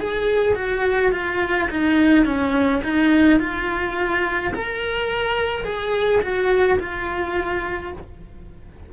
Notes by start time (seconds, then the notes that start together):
0.00 G#4
0.56 F#4
1.12 F4
1.70 D#4
2.25 C#4
2.84 D#4
3.40 F4
4.54 A#4
5.65 G#4
6.23 F#4
6.80 F4